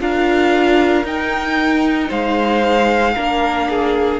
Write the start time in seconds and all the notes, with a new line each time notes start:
0.00 D4 F4 A#4 F5
1.04 D#4 G5
2.09 G#3 C5 F5
3.15 A#3 D4 A#4
3.70 G#4